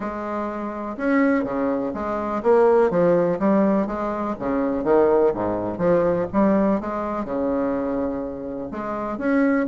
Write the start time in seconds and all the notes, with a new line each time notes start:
0.00 G#3
0.97 C#4
1.44 C#3
1.94 G#3
2.43 A#3
2.90 F3
3.39 G3
3.86 G#3
4.39 C#3
4.83 D#3
5.34 G#2
5.78 F3
6.32 G3
6.80 G#3
7.24 C#3
8.71 G#3
9.18 C#4